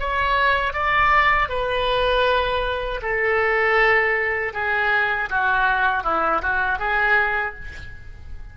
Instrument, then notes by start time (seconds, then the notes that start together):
oboe
0.00 C#5
0.74 D5
1.49 B4
3.02 A4
4.54 G#4
5.30 F#4
6.04 E4
6.42 F#4
6.79 G#4